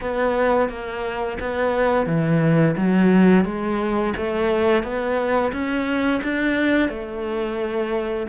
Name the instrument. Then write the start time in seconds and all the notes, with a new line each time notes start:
cello
0.00 B3
0.69 A#3
1.39 B3
2.06 E3
2.76 F#3
3.45 G#3
4.16 A3
4.83 B3
5.52 C#4
6.23 D4
6.89 A3